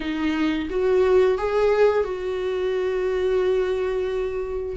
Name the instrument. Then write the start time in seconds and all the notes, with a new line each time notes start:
viola
0.00 D#4
0.69 F#4
1.38 G#4
2.03 F#4